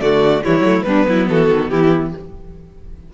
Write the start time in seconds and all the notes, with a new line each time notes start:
0.00 D3 A3 F#4 D5
0.43 E3 G3 E4 C#5
0.59 F#3 A3
0.82 G3 B3 D4 B4
1.08 F#3 E4
1.29 E3 F#4 A4
1.49 D#3
1.69 E3 E4 G4